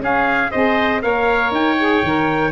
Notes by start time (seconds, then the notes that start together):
0.00 C#4 G#4 F5
0.51 C4 G#4 C5 D#5
1.02 A#3 A#4 C#5 F5
1.52 D#4 G5
1.80 G#4
2.04 D#3 A#4